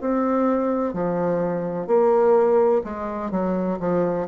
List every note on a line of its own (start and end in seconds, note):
0.00 0.93 C4
0.93 1.87 F3
1.87 2.82 A#3
2.84 3.31 G#3
3.31 3.78 F#3
3.80 4.27 F3